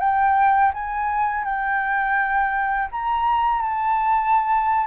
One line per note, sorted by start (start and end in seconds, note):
0.00 0.72 G5
0.74 1.45 G#5
1.45 2.89 G5
2.92 3.62 A#5
3.62 4.87 A5